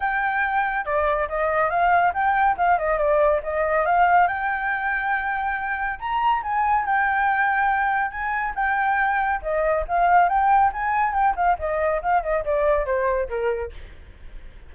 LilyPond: \new Staff \with { instrumentName = "flute" } { \time 4/4 \tempo 4 = 140 g''2 d''4 dis''4 | f''4 g''4 f''8 dis''8 d''4 | dis''4 f''4 g''2~ | g''2 ais''4 gis''4 |
g''2. gis''4 | g''2 dis''4 f''4 | g''4 gis''4 g''8 f''8 dis''4 | f''8 dis''8 d''4 c''4 ais'4 | }